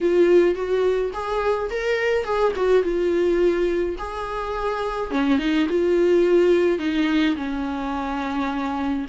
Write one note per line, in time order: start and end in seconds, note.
0.01 0.54 F4
0.54 1.11 F#4
1.13 1.69 G#4
1.70 2.24 A#4
2.24 2.52 G#4
2.55 2.83 F#4
2.83 3.96 F4
3.98 5.10 G#4
5.10 5.38 C#4
5.38 5.66 D#4
5.69 6.78 F4
6.78 7.35 D#4
7.36 9.05 C#4